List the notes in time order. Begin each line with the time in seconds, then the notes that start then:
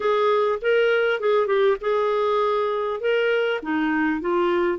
0.00 G#4
0.61 A#4
1.20 G#4
1.46 G4
1.80 G#4
3.00 A#4
3.62 D#4
4.21 F4